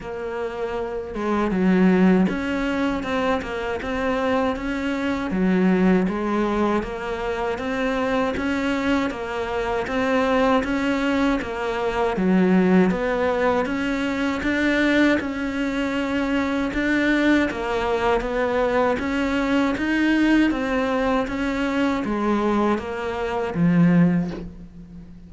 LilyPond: \new Staff \with { instrumentName = "cello" } { \time 4/4 \tempo 4 = 79 ais4. gis8 fis4 cis'4 | c'8 ais8 c'4 cis'4 fis4 | gis4 ais4 c'4 cis'4 | ais4 c'4 cis'4 ais4 |
fis4 b4 cis'4 d'4 | cis'2 d'4 ais4 | b4 cis'4 dis'4 c'4 | cis'4 gis4 ais4 f4 | }